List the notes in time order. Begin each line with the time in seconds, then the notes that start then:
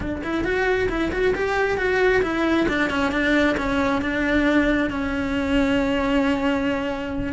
0.00 D4
0.23 E4
0.44 F#4
0.89 E4
1.12 F#4
1.34 G4
1.77 F#4
2.22 E4
2.68 D4
2.89 C#4
3.11 D4
3.57 C#4
4.01 D4
4.89 C#4